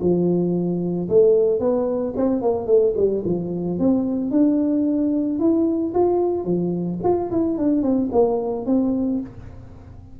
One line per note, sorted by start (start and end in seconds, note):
0.00 1.08 F3
1.09 1.59 A3
1.59 2.14 B3
2.16 2.42 C4
2.42 2.66 A#3
2.66 2.93 A3
2.96 3.23 G3
3.25 3.79 F3
3.79 4.31 C4
4.31 5.39 D4
5.39 5.93 E4
5.94 6.44 F4
6.44 6.99 F3
7.03 7.30 F4
7.31 7.57 E4
7.57 7.82 D4
7.82 8.09 C4
8.12 8.66 A#3
8.66 9.20 C4